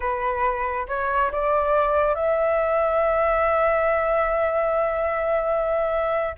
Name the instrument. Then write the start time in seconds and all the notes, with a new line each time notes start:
flute
0.00 B4
0.88 C#5
1.31 D5
2.14 E5